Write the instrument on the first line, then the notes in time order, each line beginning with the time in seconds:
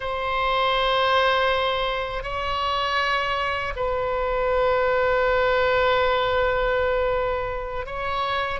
oboe
0.00 C5
2.23 C#5
3.76 B4
7.85 C#5